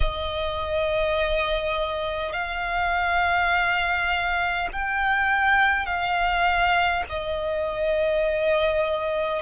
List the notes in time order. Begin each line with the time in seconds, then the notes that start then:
0.00 D#5
2.33 F5
4.72 G5
5.86 F5
7.09 D#5